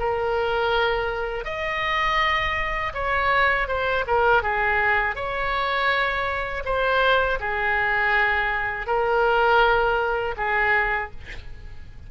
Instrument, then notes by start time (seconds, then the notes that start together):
oboe
0.00 A#4
1.45 D#5
2.94 C#5
3.68 C5
4.07 A#4
4.43 G#4
5.15 C#5
6.65 C5
7.40 G#4
8.87 A#4
10.37 G#4